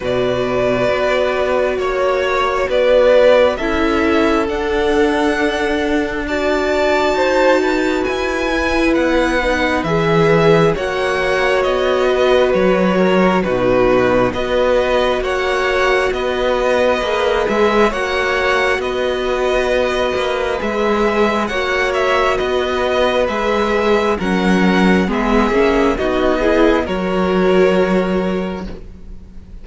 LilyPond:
<<
  \new Staff \with { instrumentName = "violin" } { \time 4/4 \tempo 4 = 67 d''2 cis''4 d''4 | e''4 fis''2 a''4~ | a''4 gis''4 fis''4 e''4 | fis''4 dis''4 cis''4 b'4 |
dis''4 fis''4 dis''4. e''8 | fis''4 dis''2 e''4 | fis''8 e''8 dis''4 e''4 fis''4 | e''4 dis''4 cis''2 | }
  \new Staff \with { instrumentName = "violin" } { \time 4/4 b'2 cis''4 b'4 | a'2. d''4 | c''8 b'2.~ b'8 | cis''4. b'4 ais'8 fis'4 |
b'4 cis''4 b'2 | cis''4 b'2. | cis''4 b'2 ais'4 | gis'4 fis'8 gis'8 ais'2 | }
  \new Staff \with { instrumentName = "viola" } { \time 4/4 fis'1 | e'4 d'2 fis'4~ | fis'4. e'4 dis'8 gis'4 | fis'2. dis'4 |
fis'2. gis'4 | fis'2. gis'4 | fis'2 gis'4 cis'4 | b8 cis'8 dis'8 e'8 fis'2 | }
  \new Staff \with { instrumentName = "cello" } { \time 4/4 b,4 b4 ais4 b4 | cis'4 d'2. | dis'4 e'4 b4 e4 | ais4 b4 fis4 b,4 |
b4 ais4 b4 ais8 gis8 | ais4 b4. ais8 gis4 | ais4 b4 gis4 fis4 | gis8 ais8 b4 fis2 | }
>>